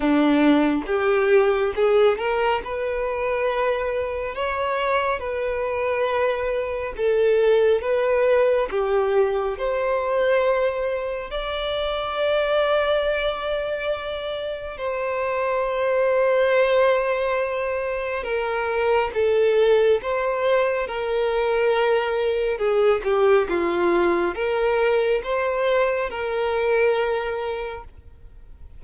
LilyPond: \new Staff \with { instrumentName = "violin" } { \time 4/4 \tempo 4 = 69 d'4 g'4 gis'8 ais'8 b'4~ | b'4 cis''4 b'2 | a'4 b'4 g'4 c''4~ | c''4 d''2.~ |
d''4 c''2.~ | c''4 ais'4 a'4 c''4 | ais'2 gis'8 g'8 f'4 | ais'4 c''4 ais'2 | }